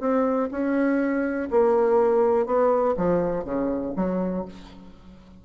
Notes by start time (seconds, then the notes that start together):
0.00 C4
0.51 C#4
1.51 A#3
2.46 B3
2.97 F3
3.44 C#3
3.96 F#3